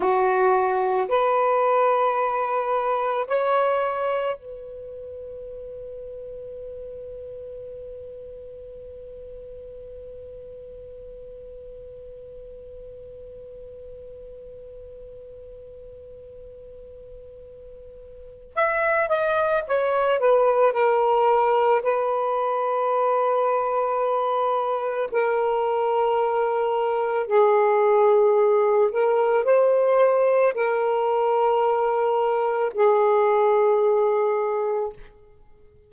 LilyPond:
\new Staff \with { instrumentName = "saxophone" } { \time 4/4 \tempo 4 = 55 fis'4 b'2 cis''4 | b'1~ | b'1~ | b'1~ |
b'4 e''8 dis''8 cis''8 b'8 ais'4 | b'2. ais'4~ | ais'4 gis'4. ais'8 c''4 | ais'2 gis'2 | }